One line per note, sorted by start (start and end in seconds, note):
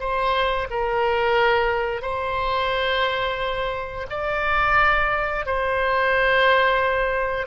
0.00 0.68 C5
0.71 2.02 A#4
2.02 4.07 C5
4.10 5.46 D5
5.46 7.47 C5